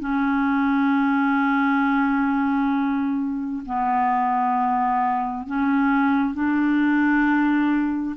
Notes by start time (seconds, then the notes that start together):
0.00 C#4
3.66 B3
5.47 C#4
6.35 D4